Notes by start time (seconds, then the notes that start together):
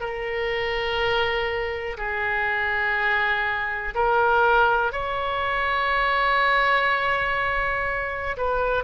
0.00 A#4
1.97 G#4
3.94 A#4
4.92 C#5
8.37 B4